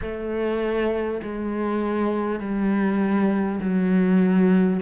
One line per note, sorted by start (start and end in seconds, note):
0.01 1.21 A3
1.22 2.39 G#3
2.39 3.59 G3
3.60 4.80 F#3